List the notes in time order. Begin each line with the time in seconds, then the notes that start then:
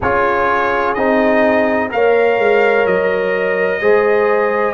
0.00 C#4 F4 G#4 C#5
0.94 C4 D#4 D#5
1.89 A#3 A#4 C#5 F5
2.38 G#3
2.86 F#3 D#5
3.81 G#3 G#4 C5